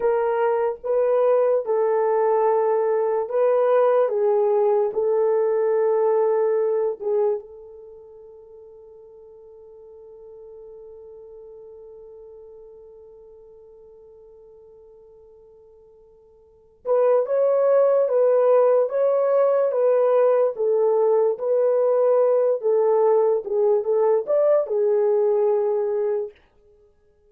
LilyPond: \new Staff \with { instrumentName = "horn" } { \time 4/4 \tempo 4 = 73 ais'4 b'4 a'2 | b'4 gis'4 a'2~ | a'8 gis'8 a'2.~ | a'1~ |
a'1~ | a'8 b'8 cis''4 b'4 cis''4 | b'4 a'4 b'4. a'8~ | a'8 gis'8 a'8 d''8 gis'2 | }